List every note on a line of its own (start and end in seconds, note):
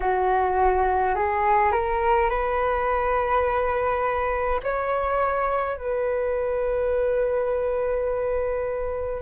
0.00 1.15 F#4
1.15 1.72 G#4
1.72 2.29 A#4
2.29 4.60 B4
4.63 5.76 C#5
5.76 9.22 B4